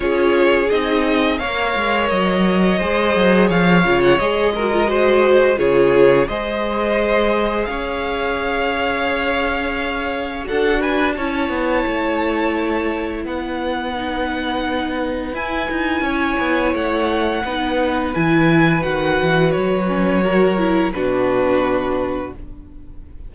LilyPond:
<<
  \new Staff \with { instrumentName = "violin" } { \time 4/4 \tempo 4 = 86 cis''4 dis''4 f''4 dis''4~ | dis''4 f''8. fis''16 dis''2 | cis''4 dis''2 f''4~ | f''2. fis''8 gis''8 |
a''2. fis''4~ | fis''2 gis''2 | fis''2 gis''4 fis''4 | cis''2 b'2 | }
  \new Staff \with { instrumentName = "violin" } { \time 4/4 gis'2 cis''2 | c''4 cis''4. ais'8 c''4 | gis'4 c''2 cis''4~ | cis''2. a'8 b'8 |
cis''2. b'4~ | b'2. cis''4~ | cis''4 b'2.~ | b'4 ais'4 fis'2 | }
  \new Staff \with { instrumentName = "viola" } { \time 4/4 f'4 dis'4 ais'2 | gis'4. f'8 gis'8 fis'16 f'16 fis'4 | f'4 gis'2.~ | gis'2. fis'4 |
e'1 | dis'2 e'2~ | e'4 dis'4 e'4 fis'4~ | fis'8 cis'8 fis'8 e'8 d'2 | }
  \new Staff \with { instrumentName = "cello" } { \time 4/4 cis'4 c'4 ais8 gis8 fis4 | gis8 fis8 f8 cis8 gis2 | cis4 gis2 cis'4~ | cis'2. d'4 |
cis'8 b8 a2 b4~ | b2 e'8 dis'8 cis'8 b8 | a4 b4 e4 dis8 e8 | fis2 b,2 | }
>>